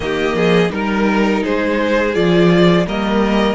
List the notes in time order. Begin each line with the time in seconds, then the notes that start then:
0.00 D#3 A#3 G4 D#5
0.34 F3 G#4
0.69 G3 D#4 A#4
1.43 G#3 G#4 C5
2.14 F3 F4 D5
2.86 G3 A#3 A#4 D#5